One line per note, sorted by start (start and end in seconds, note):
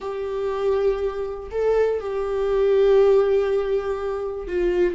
0.00 1.49 G4
1.51 1.99 A4
1.99 4.47 G4
4.47 4.95 F4